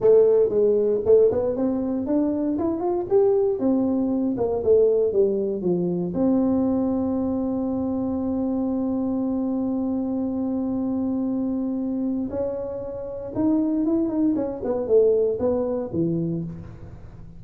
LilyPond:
\new Staff \with { instrumentName = "tuba" } { \time 4/4 \tempo 4 = 117 a4 gis4 a8 b8 c'4 | d'4 e'8 f'8 g'4 c'4~ | c'8 ais8 a4 g4 f4 | c'1~ |
c'1~ | c'1 | cis'2 dis'4 e'8 dis'8 | cis'8 b8 a4 b4 e4 | }